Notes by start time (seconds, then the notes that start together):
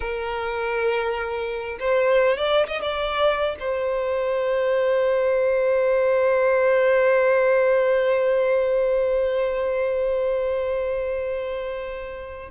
0.00 A#4
1.79 C5
2.37 D5
2.67 D#5
2.81 D5
3.59 C5